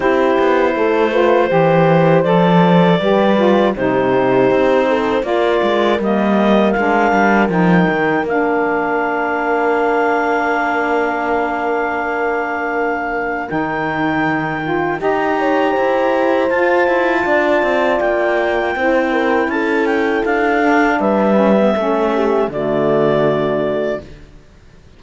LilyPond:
<<
  \new Staff \with { instrumentName = "clarinet" } { \time 4/4 \tempo 4 = 80 c''2. d''4~ | d''4 c''2 d''4 | dis''4 f''4 g''4 f''4~ | f''1~ |
f''2 g''2 | ais''2 a''2 | g''2 a''8 g''8 f''4 | e''2 d''2 | }
  \new Staff \with { instrumentName = "horn" } { \time 4/4 g'4 a'8 b'8 c''2 | b'4 g'4. a'8 ais'4~ | ais'1~ | ais'1~ |
ais'1 | dis''8 cis''8 c''2 d''4~ | d''4 c''8 ais'8 a'2 | b'4 a'8 g'8 fis'2 | }
  \new Staff \with { instrumentName = "saxophone" } { \time 4/4 e'4. f'8 g'4 a'4 | g'8 f'8 dis'2 f'4 | ais4 d'4 dis'4 d'4~ | d'1~ |
d'2 dis'4. f'8 | g'2 f'2~ | f'4 e'2~ e'8 d'8~ | d'8 cis'16 b16 cis'4 a2 | }
  \new Staff \with { instrumentName = "cello" } { \time 4/4 c'8 b8 a4 e4 f4 | g4 c4 c'4 ais8 gis8 | g4 gis8 g8 f8 dis8 ais4~ | ais1~ |
ais2 dis2 | dis'4 e'4 f'8 e'8 d'8 c'8 | ais4 c'4 cis'4 d'4 | g4 a4 d2 | }
>>